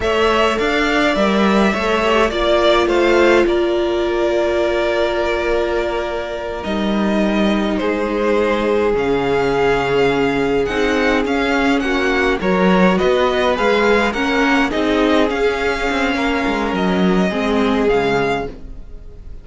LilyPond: <<
  \new Staff \with { instrumentName = "violin" } { \time 4/4 \tempo 4 = 104 e''4 f''4 e''2 | d''4 f''4 d''2~ | d''2.~ d''8 dis''8~ | dis''4. c''2 f''8~ |
f''2~ f''8 fis''4 f''8~ | f''8 fis''4 cis''4 dis''4 f''8~ | f''8 fis''4 dis''4 f''4.~ | f''4 dis''2 f''4 | }
  \new Staff \with { instrumentName = "violin" } { \time 4/4 cis''4 d''2 cis''4 | d''4 c''4 ais'2~ | ais'1~ | ais'4. gis'2~ gis'8~ |
gis'1~ | gis'8 fis'4 ais'4 b'4.~ | b'8 ais'4 gis'2~ gis'8 | ais'2 gis'2 | }
  \new Staff \with { instrumentName = "viola" } { \time 4/4 a'2 ais'4 a'8 g'8 | f'1~ | f'2.~ f'8 dis'8~ | dis'2.~ dis'8 cis'8~ |
cis'2~ cis'8 dis'4 cis'8~ | cis'4. fis'2 gis'8~ | gis'8 cis'4 dis'4 cis'4.~ | cis'2 c'4 gis4 | }
  \new Staff \with { instrumentName = "cello" } { \time 4/4 a4 d'4 g4 a4 | ais4 a4 ais2~ | ais2.~ ais8 g8~ | g4. gis2 cis8~ |
cis2~ cis8 c'4 cis'8~ | cis'8 ais4 fis4 b4 gis8~ | gis8 ais4 c'4 cis'4 c'8 | ais8 gis8 fis4 gis4 cis4 | }
>>